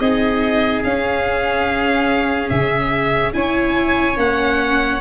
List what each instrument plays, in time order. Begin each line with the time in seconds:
0.00 tuba C4, viola D#4, trumpet G#4, violin D#5
0.84 tuba C#4, viola C#4, violin F5
2.50 tuba C#3, violin E5
3.34 tuba C#4, viola E4, trumpet C#5, violin G#5
4.16 tuba A#3, viola C#4, violin F#5